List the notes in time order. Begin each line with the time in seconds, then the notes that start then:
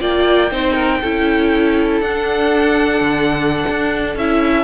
0.00 A#3 F4 D5 G5
0.51 C4 D#4 C5
0.74 A#4
1.01 C#4 E4 A4
2.01 D4 F#5
3.01 D3
3.69 D4
4.16 C#4 E4 E5